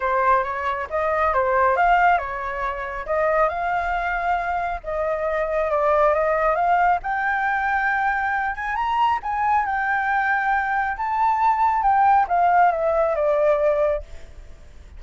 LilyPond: \new Staff \with { instrumentName = "flute" } { \time 4/4 \tempo 4 = 137 c''4 cis''4 dis''4 c''4 | f''4 cis''2 dis''4 | f''2. dis''4~ | dis''4 d''4 dis''4 f''4 |
g''2.~ g''8 gis''8 | ais''4 gis''4 g''2~ | g''4 a''2 g''4 | f''4 e''4 d''2 | }